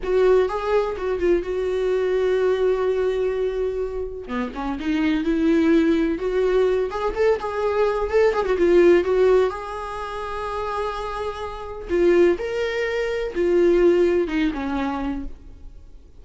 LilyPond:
\new Staff \with { instrumentName = "viola" } { \time 4/4 \tempo 4 = 126 fis'4 gis'4 fis'8 f'8 fis'4~ | fis'1~ | fis'4 b8 cis'8 dis'4 e'4~ | e'4 fis'4. gis'8 a'8 gis'8~ |
gis'4 a'8 gis'16 fis'16 f'4 fis'4 | gis'1~ | gis'4 f'4 ais'2 | f'2 dis'8 cis'4. | }